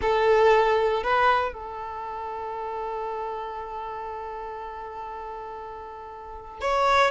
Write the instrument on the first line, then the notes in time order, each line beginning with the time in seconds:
violin
0.01 A4
1.03 B4
1.53 A4
6.60 C#5